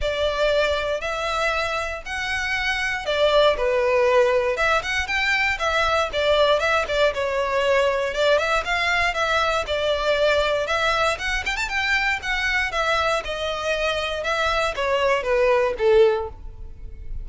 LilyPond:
\new Staff \with { instrumentName = "violin" } { \time 4/4 \tempo 4 = 118 d''2 e''2 | fis''2 d''4 b'4~ | b'4 e''8 fis''8 g''4 e''4 | d''4 e''8 d''8 cis''2 |
d''8 e''8 f''4 e''4 d''4~ | d''4 e''4 fis''8 g''16 a''16 g''4 | fis''4 e''4 dis''2 | e''4 cis''4 b'4 a'4 | }